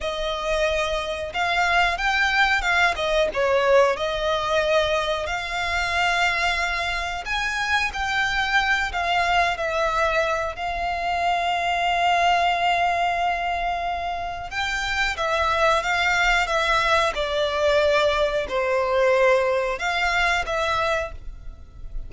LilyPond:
\new Staff \with { instrumentName = "violin" } { \time 4/4 \tempo 4 = 91 dis''2 f''4 g''4 | f''8 dis''8 cis''4 dis''2 | f''2. gis''4 | g''4. f''4 e''4. |
f''1~ | f''2 g''4 e''4 | f''4 e''4 d''2 | c''2 f''4 e''4 | }